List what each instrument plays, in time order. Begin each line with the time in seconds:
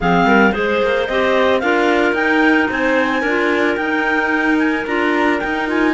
0.00 cello F3, clarinet C4 G#4 F5
0.24 cello G3, clarinet A#4
0.52 cello G#3, clarinet G#4 C5
0.82 cello A#3
1.07 cello C4, clarinet G4 D#5
1.60 cello D4, clarinet F4 A#4 F5
2.12 cello D#4, clarinet D#4 G5
2.70 cello C4, clarinet C5 G#5
3.21 cello D4, clarinet F4 A#4
3.76 cello D#4, clarinet D#4 G5
4.58 clarinet G#5
4.86 cello D4, clarinet F4 A#5
5.39 clarinet D#4 G5, cello D#4
5.67 clarinet F4 G#5